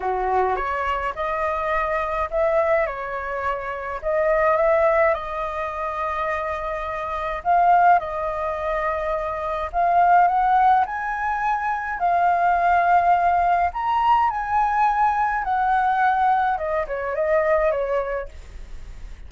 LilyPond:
\new Staff \with { instrumentName = "flute" } { \time 4/4 \tempo 4 = 105 fis'4 cis''4 dis''2 | e''4 cis''2 dis''4 | e''4 dis''2.~ | dis''4 f''4 dis''2~ |
dis''4 f''4 fis''4 gis''4~ | gis''4 f''2. | ais''4 gis''2 fis''4~ | fis''4 dis''8 cis''8 dis''4 cis''4 | }